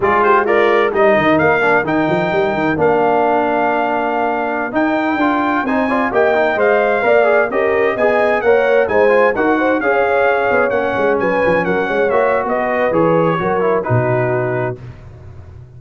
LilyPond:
<<
  \new Staff \with { instrumentName = "trumpet" } { \time 4/4 \tempo 4 = 130 d''8 c''8 d''4 dis''4 f''4 | g''2 f''2~ | f''2~ f''16 g''4.~ g''16~ | g''16 gis''4 g''4 f''4.~ f''16~ |
f''16 dis''4 gis''4 fis''4 gis''8.~ | gis''16 fis''4 f''2 fis''8.~ | fis''16 gis''4 fis''4 e''8. dis''4 | cis''2 b'2 | }
  \new Staff \with { instrumentName = "horn" } { \time 4/4 gis'8 g'8 f'4 ais'2~ | ais'1~ | ais'1~ | ais'16 c''8 d''8 dis''2 d''8.~ |
d''16 ais'4 dis''4 cis''4 c''8.~ | c''16 ais'8 c''8 cis''2~ cis''8.~ | cis''16 b'4 ais'8 cis''4~ cis''16 b'4~ | b'4 ais'4 fis'2 | }
  \new Staff \with { instrumentName = "trombone" } { \time 4/4 f'4 ais'4 dis'4. d'8 | dis'2 d'2~ | d'2~ d'16 dis'4 f'8.~ | f'16 dis'8 f'8 g'8 dis'8 c''4 ais'8 gis'16~ |
gis'16 g'4 gis'4 ais'4 dis'8 f'16~ | f'16 fis'4 gis'2 cis'8.~ | cis'2~ cis'16 fis'4.~ fis'16 | gis'4 fis'8 e'8 dis'2 | }
  \new Staff \with { instrumentName = "tuba" } { \time 4/4 gis2 g8 dis8 ais4 | dis8 f8 g8 dis8 ais2~ | ais2~ ais16 dis'4 d'8.~ | d'16 c'4 ais4 gis4 ais8.~ |
ais16 cis'4 b4 ais4 gis8.~ | gis16 dis'4 cis'4. b8 ais8 gis16~ | gis16 fis8 f8 fis8 gis8 ais8. b4 | e4 fis4 b,2 | }
>>